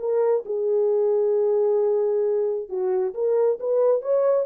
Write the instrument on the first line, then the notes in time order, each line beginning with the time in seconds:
horn
0.00 A#4
0.46 G#4
2.70 F#4
3.15 A#4
3.60 B4
4.02 C#5